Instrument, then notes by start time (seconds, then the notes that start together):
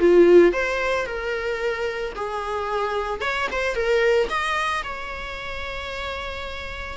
viola
0.00 F4
0.53 C5
1.06 A#4
2.16 G#4
3.21 C#5
3.52 C5
3.75 A#4
4.30 D#5
4.84 C#5